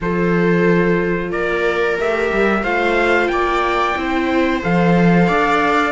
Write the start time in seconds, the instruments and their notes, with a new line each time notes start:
0.01 cello F3, viola F4 A4, trumpet C5
1.31 cello A#3, viola A#4, trumpet D5
1.98 cello A3, viola G4, trumpet E5
2.32 cello G3
2.63 cello A3, viola F4 C5, trumpet F5
3.28 cello A#3, viola D5, trumpet G5
3.96 cello C4, viola E4 C5
4.62 cello F3, viola A4, trumpet F5
5.27 cello D4, viola D5